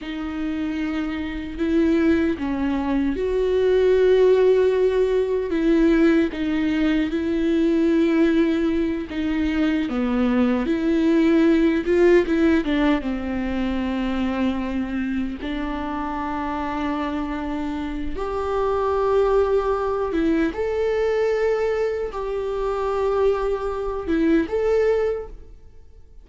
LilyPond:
\new Staff \with { instrumentName = "viola" } { \time 4/4 \tempo 4 = 76 dis'2 e'4 cis'4 | fis'2. e'4 | dis'4 e'2~ e'8 dis'8~ | dis'8 b4 e'4. f'8 e'8 |
d'8 c'2. d'8~ | d'2. g'4~ | g'4. e'8 a'2 | g'2~ g'8 e'8 a'4 | }